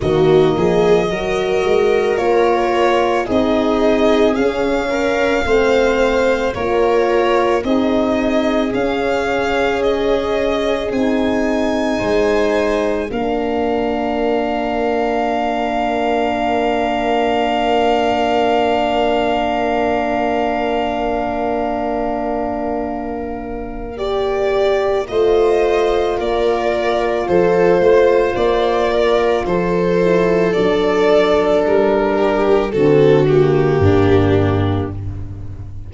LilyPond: <<
  \new Staff \with { instrumentName = "violin" } { \time 4/4 \tempo 4 = 55 dis''2 cis''4 dis''4 | f''2 cis''4 dis''4 | f''4 dis''4 gis''2 | f''1~ |
f''1~ | f''2 d''4 dis''4 | d''4 c''4 d''4 c''4 | d''4 ais'4 a'8 g'4. | }
  \new Staff \with { instrumentName = "viola" } { \time 4/4 fis'8 gis'8 ais'2 gis'4~ | gis'8 ais'8 c''4 ais'4 gis'4~ | gis'2. c''4 | ais'1~ |
ais'1~ | ais'2. c''4 | ais'4 a'8 c''4 ais'8 a'4~ | a'4. g'8 fis'4 d'4 | }
  \new Staff \with { instrumentName = "horn" } { \time 4/4 ais4 fis'4 f'4 dis'4 | cis'4 c'4 f'4 dis'4 | cis'2 dis'2 | d'1~ |
d'1~ | d'2 g'4 f'4~ | f'2.~ f'8 e'8 | d'2 c'8 ais4. | }
  \new Staff \with { instrumentName = "tuba" } { \time 4/4 dis8 f8 fis8 gis8 ais4 c'4 | cis'4 a4 ais4 c'4 | cis'2 c'4 gis4 | ais1~ |
ais1~ | ais2. a4 | ais4 f8 a8 ais4 f4 | fis4 g4 d4 g,4 | }
>>